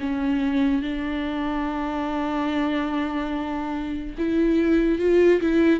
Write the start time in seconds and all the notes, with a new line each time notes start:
0.00 C#4
0.81 D4
4.18 E4
4.98 F4
5.41 E4